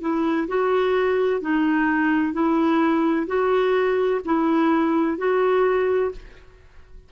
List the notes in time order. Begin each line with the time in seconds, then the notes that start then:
0.00 E4
0.47 F#4
1.40 D#4
2.33 E4
3.26 F#4
4.24 E4
5.17 F#4